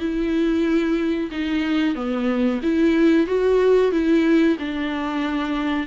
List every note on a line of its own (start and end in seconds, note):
0.00 1.30 E4
1.32 1.96 D#4
1.96 2.61 B3
2.63 3.27 E4
3.27 3.92 F#4
3.92 4.57 E4
4.60 5.87 D4